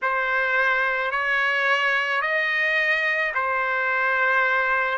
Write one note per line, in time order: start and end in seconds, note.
0.02 1.11 C5
1.11 2.21 C#5
2.21 3.32 D#5
3.34 4.97 C5